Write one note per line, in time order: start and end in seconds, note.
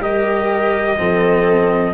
0.00 0.97 G3
0.00 0.98 G4
0.00 0.98 A#4
0.00 1.94 D#5
0.98 1.94 F3
0.98 1.94 C4
0.98 1.94 A4